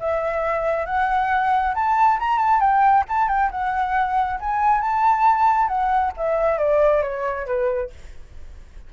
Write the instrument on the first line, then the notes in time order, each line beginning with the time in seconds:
flute
0.00 E5
0.86 F#5
1.75 A5
2.20 A#5
2.38 A5
2.60 G5
3.09 A5
3.28 G5
3.51 F#5
4.40 G#5
4.81 A5
5.68 F#5
6.17 E5
6.58 D5
7.02 C#5
7.46 B4